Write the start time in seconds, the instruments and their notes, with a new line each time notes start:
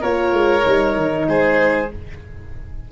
0.00 tuba A#3, horn F4, oboe A#4, violin C#5
0.33 tuba G#3
0.61 tuba G3, horn D#4
0.96 tuba D#3
1.27 tuba G#3, oboe G#4, violin C5